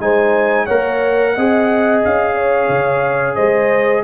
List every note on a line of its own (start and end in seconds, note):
0.00 0.67 G#3
0.00 0.68 D#4
0.00 0.66 C5
0.00 0.66 G#5
0.66 1.37 A#3
0.66 1.37 A#4
0.66 1.33 C#5
0.66 2.01 F#5
1.35 2.04 C4
1.35 4.04 G#4
1.35 2.35 D#5
2.04 2.69 C#4
2.04 3.36 F5
2.35 3.36 C#5
2.69 3.36 C#3
3.36 4.04 G#3
3.36 4.03 C5
3.36 4.03 D#5